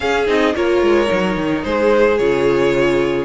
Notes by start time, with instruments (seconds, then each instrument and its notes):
0.00 viola C#4, cello C#4, violin G#4 F5
0.26 cello C4, viola D#4, violin D#5
0.54 cello A#3, viola F4, violin A#4 C#5
0.82 cello G#3
1.05 cello F#3, viola D#4
1.36 cello D#3
1.63 cello G#3, violin G#4 C5
2.18 cello C#3, viola F4, violin C#5